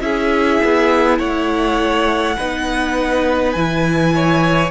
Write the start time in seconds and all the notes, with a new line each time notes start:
0.00 C#4 E4 G#4 E5
0.64 B3
1.18 A3 C#5 F#5
2.37 B3 D#4 B4
3.52 E3 E4 G#5
4.14 C#5